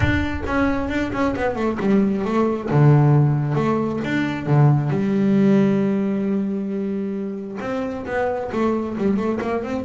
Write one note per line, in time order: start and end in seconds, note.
0.00 0.42 D4
0.46 0.89 C#4
0.89 1.11 D4
1.12 1.34 C#4
1.36 1.55 B3
1.55 1.77 A3
1.80 2.24 G3
2.24 2.69 A3
2.70 3.55 D3
3.55 4.00 A3
4.04 4.46 D4
4.46 4.89 D3
4.89 7.58 G3
7.60 8.05 C4
8.06 8.50 B3
8.52 8.97 A3
8.97 9.16 G3
9.16 9.39 A3
9.41 9.63 A#3
9.63 9.85 C4